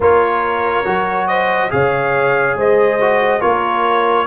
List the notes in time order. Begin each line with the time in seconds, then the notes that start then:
0.00 A#3 F4 A#4 C#5
0.84 F#3 F#4
1.27 C5 D#5
1.70 C#3 G#4 C#5 F5
2.55 G#3 C5 D#5
3.00 F#4
3.39 A#3 F4 A#4 C#5